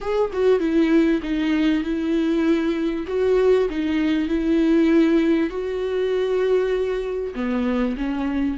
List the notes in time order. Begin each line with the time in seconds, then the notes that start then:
0.00 G#4
0.32 F#4
0.59 E4
1.22 D#4
1.83 E4
3.07 F#4
3.69 D#4
4.28 E4
5.50 F#4
7.34 B3
7.97 C#4